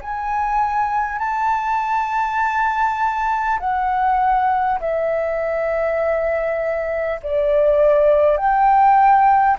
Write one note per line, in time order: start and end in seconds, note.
0.00 1.18 G#5
1.18 3.58 A5
3.59 4.79 F#5
4.80 7.20 E5
7.23 8.37 D5
8.37 9.57 G5